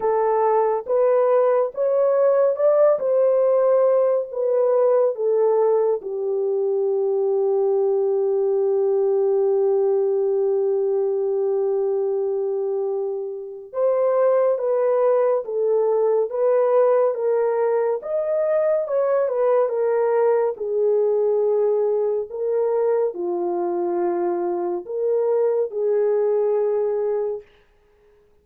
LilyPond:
\new Staff \with { instrumentName = "horn" } { \time 4/4 \tempo 4 = 70 a'4 b'4 cis''4 d''8 c''8~ | c''4 b'4 a'4 g'4~ | g'1~ | g'1 |
c''4 b'4 a'4 b'4 | ais'4 dis''4 cis''8 b'8 ais'4 | gis'2 ais'4 f'4~ | f'4 ais'4 gis'2 | }